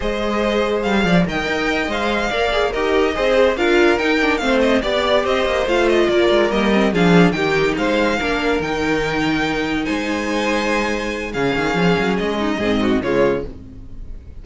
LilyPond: <<
  \new Staff \with { instrumentName = "violin" } { \time 4/4 \tempo 4 = 143 dis''2 f''4 g''4~ | g''8 f''2 dis''4.~ | dis''8 f''4 g''4 f''8 dis''8 d''8~ | d''8 dis''4 f''8 dis''8 d''4 dis''8~ |
dis''8 f''4 g''4 f''4.~ | f''8 g''2. gis''8~ | gis''2. f''4~ | f''4 dis''2 cis''4 | }
  \new Staff \with { instrumentName = "violin" } { \time 4/4 c''2~ c''8 d''8 dis''4~ | dis''4. d''4 ais'4 c''8~ | c''8 ais'2 c''4 d''8~ | d''8 c''2 ais'4.~ |
ais'8 gis'4 g'4 c''4 ais'8~ | ais'2.~ ais'8 c''8~ | c''2. gis'4~ | gis'4. dis'8 gis'8 fis'8 f'4 | }
  \new Staff \with { instrumentName = "viola" } { \time 4/4 gis'2. ais'4~ | ais'8 c''4 ais'8 gis'8 g'4 gis'8~ | gis'8 f'4 dis'8 d'8 c'4 g'8~ | g'4. f'2 ais8 |
c'8 d'4 dis'2 d'8~ | d'8 dis'2.~ dis'8~ | dis'2. cis'4~ | cis'2 c'4 gis4 | }
  \new Staff \with { instrumentName = "cello" } { \time 4/4 gis2 g8 f8 dis8 dis'8~ | dis'8 gis4 ais4 dis'4 c'8~ | c'8 d'4 dis'4 a4 b8~ | b8 c'8 ais8 a4 ais8 gis8 g8~ |
g8 f4 dis4 gis4 ais8~ | ais8 dis2. gis8~ | gis2. cis8 dis8 | f8 fis8 gis4 gis,4 cis4 | }
>>